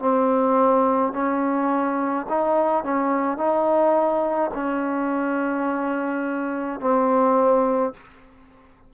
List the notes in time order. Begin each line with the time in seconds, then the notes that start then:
0.00 C4
1.13 C#4
2.30 D#4
2.84 C#4
3.38 D#4
4.54 C#4
6.81 C4